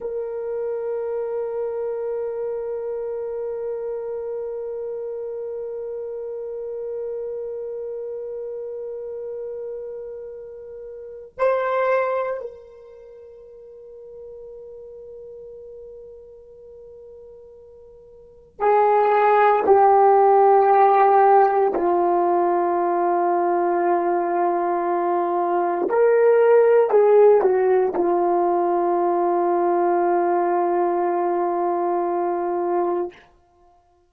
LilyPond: \new Staff \with { instrumentName = "horn" } { \time 4/4 \tempo 4 = 58 ais'1~ | ais'1~ | ais'2. c''4 | ais'1~ |
ais'2 gis'4 g'4~ | g'4 f'2.~ | f'4 ais'4 gis'8 fis'8 f'4~ | f'1 | }